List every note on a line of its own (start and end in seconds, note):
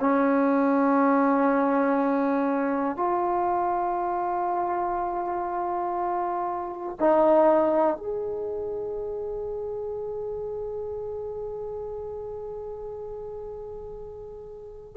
0.00 2.96 C#4
2.96 6.96 F4
7.00 7.97 D#4
7.97 14.96 G#4